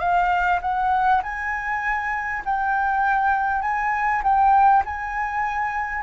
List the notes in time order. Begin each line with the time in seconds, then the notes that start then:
0.00 F5
0.62 F#5
1.23 G#5
2.45 G5
3.63 G#5
4.24 G5
4.85 G#5